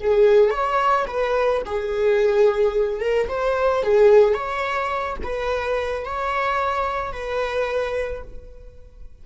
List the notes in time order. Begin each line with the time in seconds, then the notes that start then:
0.00 G#4
0.50 C#5
1.07 B4
1.65 G#4
3.01 A#4
3.28 C5
3.83 G#4
4.34 C#5
5.23 B4
6.05 C#5
7.12 B4